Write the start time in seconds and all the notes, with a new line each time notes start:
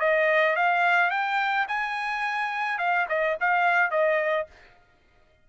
0.00 D#5
0.56 F5
1.10 G5
1.68 G#5
2.78 F5
3.08 D#5
3.40 F5
3.91 D#5